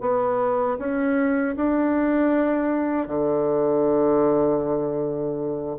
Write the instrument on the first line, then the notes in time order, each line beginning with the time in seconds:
bassoon
0.00 B3
0.78 C#4
1.56 D4
3.07 D3